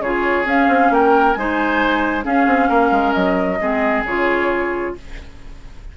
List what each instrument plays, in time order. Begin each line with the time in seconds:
0.00 bassoon C#3, clarinet F4, oboe G#4, flute C#5
0.45 bassoon C#4, clarinet C#4, flute F5
0.68 bassoon C4
0.90 bassoon A#3, oboe A#4, flute G5
1.33 bassoon G#3, clarinet D#4, oboe C5, flute G#5
2.22 clarinet C#4, bassoon C#4, oboe G#4, flute F5
2.46 bassoon C4
2.68 bassoon A#3, oboe A#4
2.91 bassoon G#3
3.13 bassoon F#3, flute D#5
3.61 bassoon G#3, clarinet C4, oboe G#4
4.04 bassoon C#3, clarinet F4, flute C#5